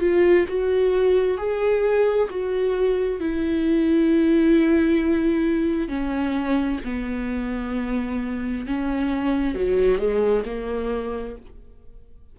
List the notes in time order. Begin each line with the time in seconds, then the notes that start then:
0.00 F4
0.48 F#4
1.37 G#4
2.30 F#4
3.19 E4
5.88 C#4
6.84 B3
8.66 C#4
9.55 F#3
9.98 G#3
10.45 A#3